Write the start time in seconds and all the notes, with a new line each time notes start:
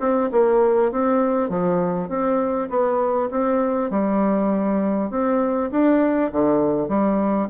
0.00 C4
0.32 A#3
0.92 C4
1.49 F3
2.09 C4
2.69 B3
3.31 C4
3.90 G3
5.10 C4
5.71 D4
6.32 D3
6.88 G3